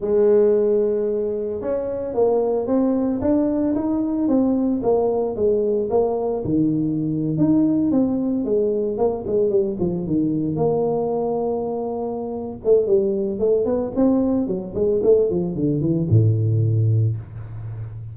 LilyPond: \new Staff \with { instrumentName = "tuba" } { \time 4/4 \tempo 4 = 112 gis2. cis'4 | ais4 c'4 d'4 dis'4 | c'4 ais4 gis4 ais4 | dis4.~ dis16 dis'4 c'4 gis16~ |
gis8. ais8 gis8 g8 f8 dis4 ais16~ | ais2.~ ais8 a8 | g4 a8 b8 c'4 fis8 gis8 | a8 f8 d8 e8 a,2 | }